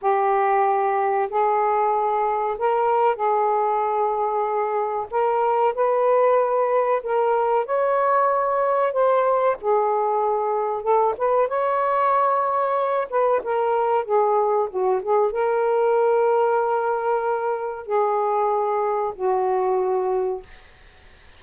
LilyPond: \new Staff \with { instrumentName = "saxophone" } { \time 4/4 \tempo 4 = 94 g'2 gis'2 | ais'4 gis'2. | ais'4 b'2 ais'4 | cis''2 c''4 gis'4~ |
gis'4 a'8 b'8 cis''2~ | cis''8 b'8 ais'4 gis'4 fis'8 gis'8 | ais'1 | gis'2 fis'2 | }